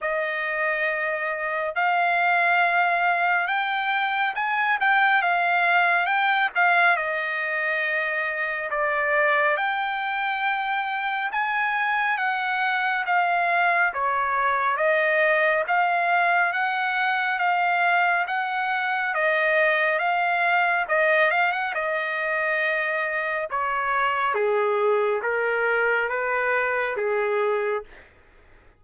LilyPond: \new Staff \with { instrumentName = "trumpet" } { \time 4/4 \tempo 4 = 69 dis''2 f''2 | g''4 gis''8 g''8 f''4 g''8 f''8 | dis''2 d''4 g''4~ | g''4 gis''4 fis''4 f''4 |
cis''4 dis''4 f''4 fis''4 | f''4 fis''4 dis''4 f''4 | dis''8 f''16 fis''16 dis''2 cis''4 | gis'4 ais'4 b'4 gis'4 | }